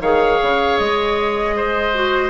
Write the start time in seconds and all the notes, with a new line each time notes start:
0.00 D#3 G#4 C#5 F5
0.42 C#3
0.78 G#3 D#5
1.56 C5
1.94 F#4